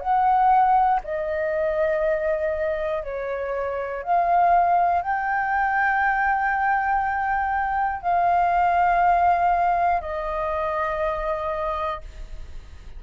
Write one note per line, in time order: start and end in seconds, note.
0.00 1.00 F#5
1.04 3.03 D#5
3.03 4.03 C#5
4.03 5.01 F5
5.01 8.01 G5
8.01 10.01 F5
10.01 12.01 D#5